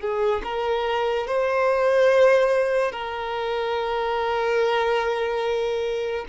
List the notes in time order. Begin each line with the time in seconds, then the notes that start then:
0.00 G#4
0.44 A#4
1.27 C5
2.92 A#4